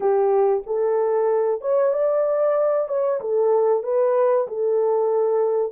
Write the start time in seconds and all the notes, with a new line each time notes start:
0.00 G4
0.66 A4
1.61 C#5
1.93 D5
2.88 C#5
3.21 A4
3.83 B4
4.47 A4